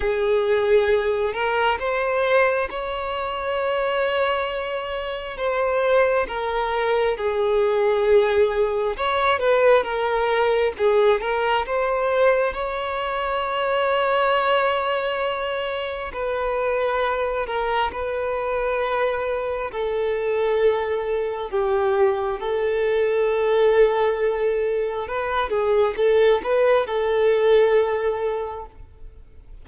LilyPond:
\new Staff \with { instrumentName = "violin" } { \time 4/4 \tempo 4 = 67 gis'4. ais'8 c''4 cis''4~ | cis''2 c''4 ais'4 | gis'2 cis''8 b'8 ais'4 | gis'8 ais'8 c''4 cis''2~ |
cis''2 b'4. ais'8 | b'2 a'2 | g'4 a'2. | b'8 gis'8 a'8 b'8 a'2 | }